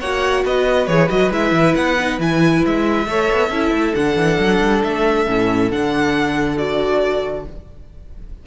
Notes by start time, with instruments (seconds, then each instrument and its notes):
0.00 cello A#3, viola F#4, violin C#5 F#5
0.45 cello B3, violin B4 D#5
0.87 cello E3, viola G#4, violin C#5
1.09 cello F#3, viola F#4, violin D#5
1.30 cello G#3, viola E4, violin E5
1.52 cello E3
1.75 cello B3, violin F#5
2.00 viola D#4
2.19 cello E3, viola E4, violin G#5
2.66 cello G#3, violin E5
3.06 cello A3, viola A4, violin C#5
3.32 cello B3
3.49 cello C#4, viola E4, violin A4
3.71 cello A3
3.94 cello D3, viola D4, violin F#5
4.16 cello E3
4.39 cello F#3
4.61 cello G3
4.84 cello A3, violin E5
5.27 cello A2, viola C#4
5.71 cello D3, viola D4, violin F#5
6.58 viola F#4, violin D5